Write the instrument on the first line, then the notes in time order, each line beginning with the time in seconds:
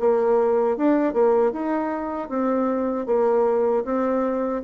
bassoon
0.00 A#3
0.77 D4
1.14 A#3
1.52 D#4
2.30 C4
3.06 A#3
3.85 C4